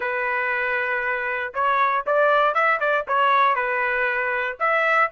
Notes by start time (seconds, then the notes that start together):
0.00 B4
1.54 C#5
2.06 D5
2.54 E5
2.80 D5
3.07 C#5
3.55 B4
4.59 E5